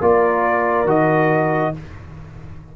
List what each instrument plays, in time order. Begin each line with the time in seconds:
0.00 tuba A#3, trombone F4, horn A#4, trumpet D5
0.85 tuba D#3, trombone F#4, trumpet D#5